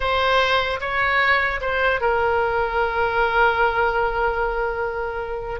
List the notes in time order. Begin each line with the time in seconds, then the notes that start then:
0.00 C5
0.80 C#5
1.60 C5
2.00 A#4